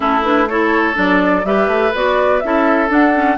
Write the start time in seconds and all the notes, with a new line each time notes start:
0.00 A3 C#4 E4 A4
0.23 D4 B4
0.48 E4 A4 C#5
0.94 F#3 D4 D5
1.44 G3 G4 B4 E5
1.67 A3
1.94 B3 F#4 D5
2.40 C#4 E4 A4 E5
2.89 D4 F#5
3.13 C#4